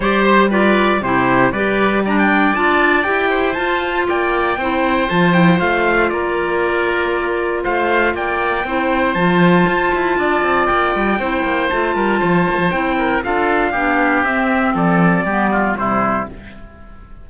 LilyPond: <<
  \new Staff \with { instrumentName = "trumpet" } { \time 4/4 \tempo 4 = 118 d''8 c''8 d''4 c''4 d''4 | ais''16 g''8. a''4 g''4 a''4 | g''2 a''8 g''8 f''4 | d''2. f''4 |
g''2 a''2~ | a''4 g''2 a''4~ | a''4 g''4 f''2 | e''4 d''2 c''4 | }
  \new Staff \with { instrumentName = "oboe" } { \time 4/4 c''4 b'4 g'4 b'4 | d''2~ d''8 c''4. | d''4 c''2. | ais'2. c''4 |
d''4 c''2. | d''2 c''4. ais'8 | c''4. ais'8 a'4 g'4~ | g'4 a'4 g'8 f'8 e'4 | }
  \new Staff \with { instrumentName = "clarinet" } { \time 4/4 g'4 f'4 e'4 g'4 | d'4 f'4 g'4 f'4~ | f'4 e'4 f'8 e'8 f'4~ | f'1~ |
f'4 e'4 f'2~ | f'2 e'4 f'4~ | f'4 e'4 f'4 d'4 | c'2 b4 g4 | }
  \new Staff \with { instrumentName = "cello" } { \time 4/4 g2 c4 g4~ | g4 d'4 e'4 f'4 | ais4 c'4 f4 a4 | ais2. a4 |
ais4 c'4 f4 f'8 e'8 | d'8 c'8 ais8 g8 c'8 ais8 a8 g8 | f8 ais16 f16 c'4 d'4 b4 | c'4 f4 g4 c4 | }
>>